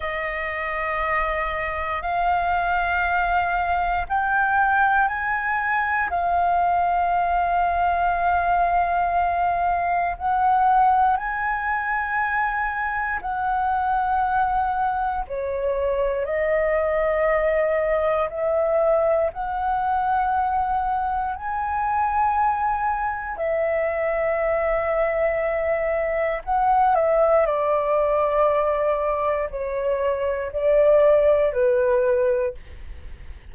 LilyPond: \new Staff \with { instrumentName = "flute" } { \time 4/4 \tempo 4 = 59 dis''2 f''2 | g''4 gis''4 f''2~ | f''2 fis''4 gis''4~ | gis''4 fis''2 cis''4 |
dis''2 e''4 fis''4~ | fis''4 gis''2 e''4~ | e''2 fis''8 e''8 d''4~ | d''4 cis''4 d''4 b'4 | }